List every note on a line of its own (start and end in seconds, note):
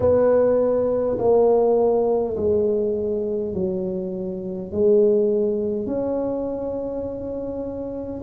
0.00 1.18 B3
1.18 2.36 A#3
2.36 3.53 G#3
3.53 4.71 F#3
4.71 5.86 G#3
5.86 8.21 C#4